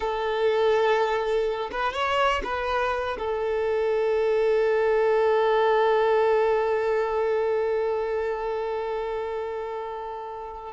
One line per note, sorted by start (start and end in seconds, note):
0.00 1.70 A4
1.71 1.93 B4
1.93 2.42 C#5
2.44 3.17 B4
3.18 10.73 A4